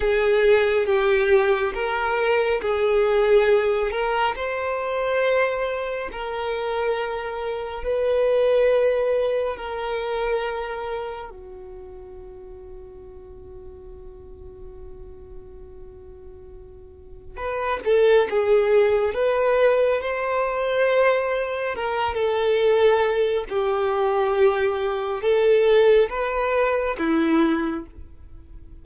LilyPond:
\new Staff \with { instrumentName = "violin" } { \time 4/4 \tempo 4 = 69 gis'4 g'4 ais'4 gis'4~ | gis'8 ais'8 c''2 ais'4~ | ais'4 b'2 ais'4~ | ais'4 fis'2.~ |
fis'1 | b'8 a'8 gis'4 b'4 c''4~ | c''4 ais'8 a'4. g'4~ | g'4 a'4 b'4 e'4 | }